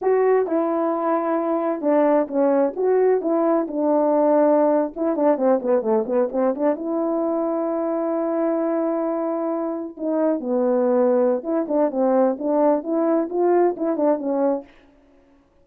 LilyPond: \new Staff \with { instrumentName = "horn" } { \time 4/4 \tempo 4 = 131 fis'4 e'2. | d'4 cis'4 fis'4 e'4 | d'2~ d'8. e'8 d'8 c'16~ | c'16 b8 a8 b8 c'8 d'8 e'4~ e'16~ |
e'1~ | e'4.~ e'16 dis'4 b4~ b16~ | b4 e'8 d'8 c'4 d'4 | e'4 f'4 e'8 d'8 cis'4 | }